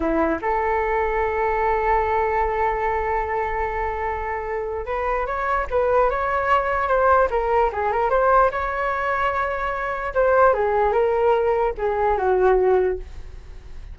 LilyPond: \new Staff \with { instrumentName = "flute" } { \time 4/4 \tempo 4 = 148 e'4 a'2.~ | a'1~ | a'1 | b'4 cis''4 b'4 cis''4~ |
cis''4 c''4 ais'4 gis'8 ais'8 | c''4 cis''2.~ | cis''4 c''4 gis'4 ais'4~ | ais'4 gis'4 fis'2 | }